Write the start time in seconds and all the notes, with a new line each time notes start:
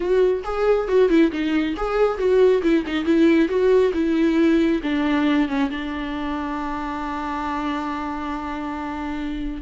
0.00 F#4
0.44 G#4
0.87 F#4
1.09 E4
1.31 D#4
1.76 G#4
2.18 F#4
2.62 E4
2.86 D#4
3.05 E4
3.48 F#4
3.93 E4
4.82 D4
5.48 C#4
5.70 D4